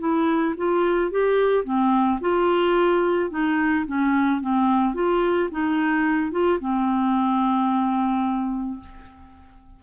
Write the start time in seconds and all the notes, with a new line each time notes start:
0.00 E4
0.57 F4
1.11 G4
1.65 C4
2.21 F4
3.31 D#4
3.86 C#4
4.41 C4
4.94 F4
5.51 D#4
6.32 F4
6.60 C4